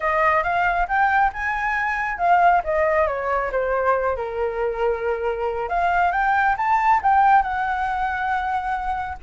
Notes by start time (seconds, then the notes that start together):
0.00 D#5
0.43 F5
0.88 G5
1.32 G#5
2.18 F5
2.64 D#5
3.07 C#5
3.51 C5
4.16 A#4
5.69 F5
6.11 G5
6.57 A5
7.03 G5
7.42 F#5